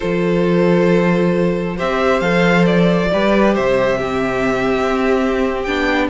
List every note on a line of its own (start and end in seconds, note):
0.00 1.80 F3
0.00 1.77 F4
0.00 1.76 A4
0.00 1.77 C5
1.76 2.21 C4
1.76 2.21 G4
1.76 3.09 C5
1.76 2.20 E5
2.20 3.09 F3
2.20 3.10 A4
2.20 2.64 F5
2.65 3.54 D5
3.12 3.57 G3
3.12 4.00 G4
3.12 3.54 B4
3.54 4.80 C3
3.54 3.97 C5
3.54 5.62 E5
3.97 5.66 C4
3.97 6.08 G4
4.80 5.67 C4
5.62 6.09 B3
5.62 6.09 D4
5.62 6.07 G5